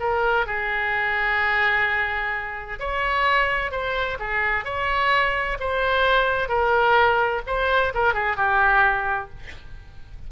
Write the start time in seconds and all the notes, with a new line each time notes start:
0.00 A#4
0.47 G#4
2.80 C#5
3.71 C5
4.20 G#4
4.65 C#5
5.60 C5
6.49 A#4
7.47 C5
7.95 A#4
8.14 G#4
8.37 G4